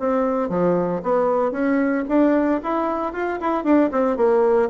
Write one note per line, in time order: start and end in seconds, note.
0.00 0.50 C4
0.50 1.02 F3
1.03 1.52 B3
1.52 2.05 C#4
2.09 2.61 D4
2.64 3.13 E4
3.13 3.40 F4
3.41 3.65 E4
3.65 3.91 D4
3.92 4.17 C4
4.17 4.70 A#3